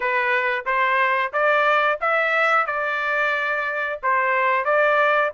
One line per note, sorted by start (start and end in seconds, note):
0.00 0.65 B4
0.65 1.32 C5
1.32 1.99 D5
2.01 2.66 E5
2.66 3.99 D5
4.02 4.65 C5
4.65 5.31 D5